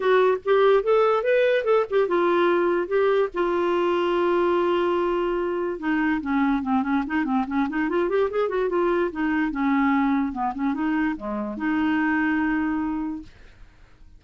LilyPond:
\new Staff \with { instrumentName = "clarinet" } { \time 4/4 \tempo 4 = 145 fis'4 g'4 a'4 b'4 | a'8 g'8 f'2 g'4 | f'1~ | f'2 dis'4 cis'4 |
c'8 cis'8 dis'8 c'8 cis'8 dis'8 f'8 g'8 | gis'8 fis'8 f'4 dis'4 cis'4~ | cis'4 b8 cis'8 dis'4 gis4 | dis'1 | }